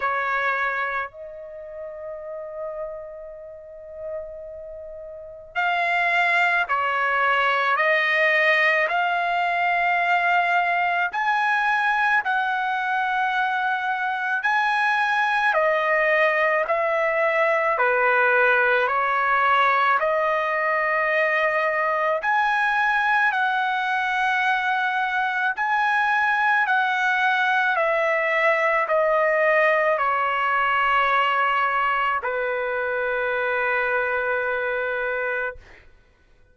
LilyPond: \new Staff \with { instrumentName = "trumpet" } { \time 4/4 \tempo 4 = 54 cis''4 dis''2.~ | dis''4 f''4 cis''4 dis''4 | f''2 gis''4 fis''4~ | fis''4 gis''4 dis''4 e''4 |
b'4 cis''4 dis''2 | gis''4 fis''2 gis''4 | fis''4 e''4 dis''4 cis''4~ | cis''4 b'2. | }